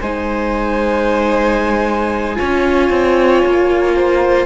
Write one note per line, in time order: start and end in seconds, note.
0.00 2.38 G#3
0.00 2.36 D#4
0.00 2.37 C5
0.00 4.46 G#5
2.36 2.90 C#4
2.36 4.46 F4
2.36 3.96 C#5
2.90 3.43 C4
3.46 4.46 A#3
3.96 4.46 C5